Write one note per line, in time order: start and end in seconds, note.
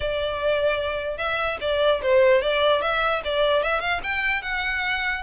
0.00 1.17 D5
1.17 1.58 E5
1.61 2.01 D5
2.02 2.41 C5
2.41 2.81 D5
2.81 3.22 E5
3.24 3.63 D5
3.63 3.80 E5
3.80 4.00 F5
4.03 4.42 G5
4.42 5.22 F#5